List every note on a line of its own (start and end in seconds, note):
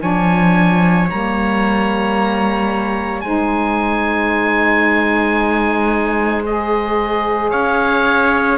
0.00 1.09 F3
0.00 1.07 D4
0.00 3.23 C#5
0.00 1.09 G#5
1.10 3.24 G3
1.10 3.23 A#3
1.10 3.21 A#5
3.21 7.53 G#3
3.21 6.45 D#4
3.21 7.51 C5
3.21 6.43 G#5
6.46 8.58 G#4
6.46 7.51 D#5
7.51 8.58 C#4
7.51 8.58 C#5
7.51 8.58 F5